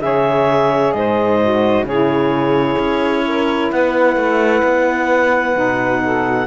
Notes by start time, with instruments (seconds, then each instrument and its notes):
0.00 cello C#3, saxophone G#4 C#5, clarinet E5
0.92 cello G#2, saxophone C5, clarinet D#5
1.41 saxophone F#4
1.83 cello C#3, saxophone E4 G#4, clarinet C#5
2.78 cello C#4
3.27 saxophone A#4
3.71 cello B3, saxophone B4, clarinet F#5
4.16 cello A3
4.63 cello B3
5.53 cello B2, saxophone D#4
6.02 saxophone A4